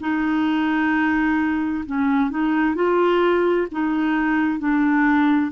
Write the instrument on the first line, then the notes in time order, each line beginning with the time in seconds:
clarinet
0.00 D#4
1.86 C#4
2.30 D#4
2.75 F4
3.72 D#4
4.59 D4